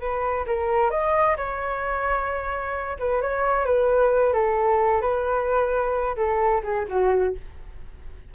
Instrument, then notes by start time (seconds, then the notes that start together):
flute
0.00 B4
0.46 A#4
0.91 D#5
1.37 C#5
2.99 B4
3.22 C#5
3.65 B4
4.33 A4
5.01 B4
6.16 A4
6.63 G#4
6.88 F#4